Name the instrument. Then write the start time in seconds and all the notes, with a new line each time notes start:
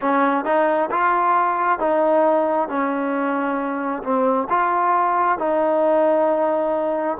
trombone
0.01 C#4
0.45 D#4
0.90 F4
1.79 D#4
2.68 C#4
4.03 C4
4.49 F4
5.38 D#4